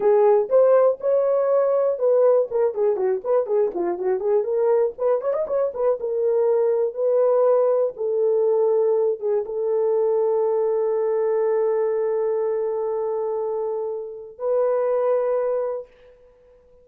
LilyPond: \new Staff \with { instrumentName = "horn" } { \time 4/4 \tempo 4 = 121 gis'4 c''4 cis''2 | b'4 ais'8 gis'8 fis'8 b'8 gis'8 f'8 | fis'8 gis'8 ais'4 b'8 cis''16 dis''16 cis''8 b'8 | ais'2 b'2 |
a'2~ a'8 gis'8 a'4~ | a'1~ | a'1~ | a'4 b'2. | }